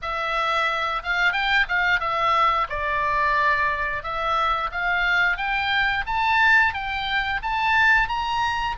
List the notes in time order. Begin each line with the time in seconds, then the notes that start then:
0.02 E5
1.03 F5
1.32 G5
1.68 F5
2.00 E5
2.69 D5
4.03 E5
4.71 F5
5.37 G5
6.06 A5
6.73 G5
7.42 A5
8.08 A#5